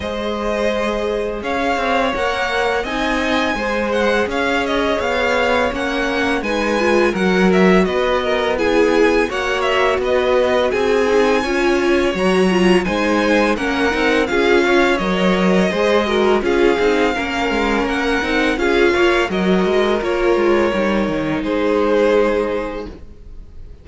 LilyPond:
<<
  \new Staff \with { instrumentName = "violin" } { \time 4/4 \tempo 4 = 84 dis''2 f''4 fis''4 | gis''4. fis''8 f''8 dis''8 f''4 | fis''4 gis''4 fis''8 e''8 dis''4 | gis''4 fis''8 e''8 dis''4 gis''4~ |
gis''4 ais''4 gis''4 fis''4 | f''4 dis''2 f''4~ | f''4 fis''4 f''4 dis''4 | cis''2 c''2 | }
  \new Staff \with { instrumentName = "violin" } { \time 4/4 c''2 cis''2 | dis''4 c''4 cis''2~ | cis''4 b'4 ais'4 b'8 ais'8 | gis'4 cis''4 b'4 gis'4 |
cis''2 c''4 ais'4 | gis'8 cis''4. c''8 ais'8 gis'4 | ais'2 gis'8 cis''8 ais'4~ | ais'2 gis'2 | }
  \new Staff \with { instrumentName = "viola" } { \time 4/4 gis'2. ais'4 | dis'4 gis'2. | cis'4 dis'8 f'8 fis'2 | e'4 fis'2~ fis'8 dis'8 |
f'4 fis'8 f'8 dis'4 cis'8 dis'8 | f'4 ais'4 gis'8 fis'8 f'8 dis'8 | cis'4. dis'8 f'4 fis'4 | f'4 dis'2. | }
  \new Staff \with { instrumentName = "cello" } { \time 4/4 gis2 cis'8 c'8 ais4 | c'4 gis4 cis'4 b4 | ais4 gis4 fis4 b4~ | b4 ais4 b4 c'4 |
cis'4 fis4 gis4 ais8 c'8 | cis'4 fis4 gis4 cis'8 c'8 | ais8 gis8 ais8 c'8 cis'8 ais8 fis8 gis8 | ais8 gis8 g8 dis8 gis2 | }
>>